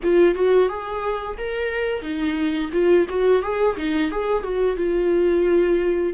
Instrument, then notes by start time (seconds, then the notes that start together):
viola
0.03 F4
0.34 F#4
0.68 G#4
1.37 A#4
2.01 D#4
2.72 F4
3.09 F#4
3.42 G#4
3.77 D#4
4.11 G#4
4.43 F#4
4.76 F4